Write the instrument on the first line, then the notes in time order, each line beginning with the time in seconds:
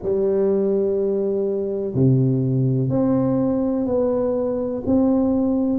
tuba
0.02 G3
1.94 C3
2.89 C4
3.86 B3
4.86 C4